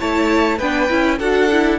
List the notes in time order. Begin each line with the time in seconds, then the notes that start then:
0.00 A3 E4 C#5 A5
0.58 B3 D4 B4 G5
0.90 C#4 E4
1.19 D4 F#4 A4 F#5
1.52 E4